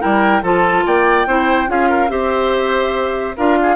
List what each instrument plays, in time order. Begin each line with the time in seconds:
0.00 bassoon G3, clarinet E4, oboe A#4, flute G5
0.42 bassoon F3, clarinet F4, oboe A4, flute A5
0.86 bassoon A#3, oboe D5, flute G5
1.26 bassoon C4, clarinet E4, oboe C5
1.67 bassoon C#4, clarinet F4, oboe G#4, flute F5
1.89 oboe A#4
2.08 bassoon C4, clarinet G4, oboe C5, flute E5
3.37 bassoon D4, clarinet F4, oboe A#4, flute F5
3.62 oboe G#4